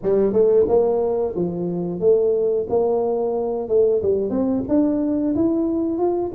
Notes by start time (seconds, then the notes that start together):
0.02 G3
0.32 A3
0.68 A#3
1.35 F3
2.00 A3
2.68 A#3
3.68 A3
4.02 G3
4.30 C4
4.68 D4
5.35 E4
5.98 F4